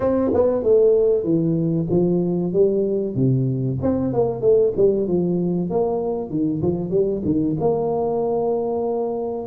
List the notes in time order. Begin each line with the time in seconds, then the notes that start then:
0.00 C4
0.34 B3
0.63 A3
1.23 E3
1.89 F3
2.53 G3
3.15 C3
3.82 C4
4.13 A#3
4.41 A3
4.76 G3
5.07 F3
5.70 A#3
6.30 D#3
6.62 F3
6.90 G3
7.24 D#3
7.60 A#3